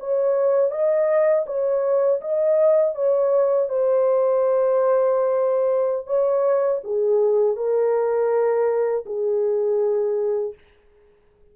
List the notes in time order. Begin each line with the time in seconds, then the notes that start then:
0.00 C#5
0.71 D#5
1.46 C#5
2.21 D#5
2.95 C#5
3.69 C5
6.07 C#5
6.84 G#4
7.57 A#4
9.06 G#4